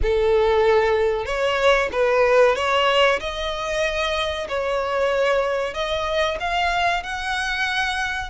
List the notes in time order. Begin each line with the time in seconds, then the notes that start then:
0.02 A4
1.25 C#5
1.91 B4
2.55 C#5
3.19 D#5
4.48 C#5
5.73 D#5
6.40 F5
7.03 F#5